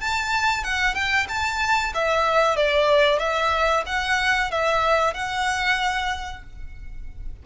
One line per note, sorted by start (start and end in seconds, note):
0.00 0.64 A5
0.64 0.94 F#5
0.94 1.27 G5
1.28 1.93 A5
1.94 2.56 E5
2.56 3.19 D5
3.19 3.84 E5
3.86 4.51 F#5
4.51 5.13 E5
5.13 6.43 F#5